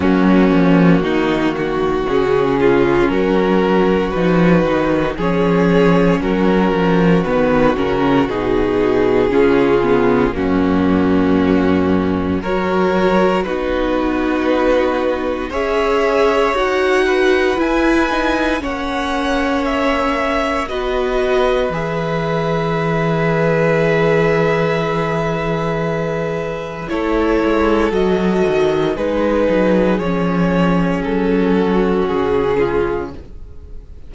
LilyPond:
<<
  \new Staff \with { instrumentName = "violin" } { \time 4/4 \tempo 4 = 58 fis'2 gis'4 ais'4 | b'4 cis''4 ais'4 b'8 ais'8 | gis'2 fis'2 | cis''4 b'2 e''4 |
fis''4 gis''4 fis''4 e''4 | dis''4 e''2.~ | e''2 cis''4 dis''4 | b'4 cis''4 a'4 gis'4 | }
  \new Staff \with { instrumentName = "violin" } { \time 4/4 cis'4 dis'8 fis'4 f'8 fis'4~ | fis'4 gis'4 fis'2~ | fis'4 f'4 cis'2 | ais'4 fis'2 cis''4~ |
cis''8 b'4. cis''2 | b'1~ | b'2 a'2 | gis'2~ gis'8 fis'4 f'8 | }
  \new Staff \with { instrumentName = "viola" } { \time 4/4 ais2 cis'2 | dis'4 cis'2 b8 cis'8 | dis'4 cis'8 b8 ais2 | fis'4 dis'2 gis'4 |
fis'4 e'8 dis'8 cis'2 | fis'4 gis'2.~ | gis'2 e'4 fis'4 | dis'4 cis'2. | }
  \new Staff \with { instrumentName = "cello" } { \time 4/4 fis8 f8 dis4 cis4 fis4 | f8 dis8 f4 fis8 f8 dis8 cis8 | b,4 cis4 fis,2 | fis4 b2 cis'4 |
dis'4 e'4 ais2 | b4 e2.~ | e2 a8 gis8 fis8 dis8 | gis8 fis8 f4 fis4 cis4 | }
>>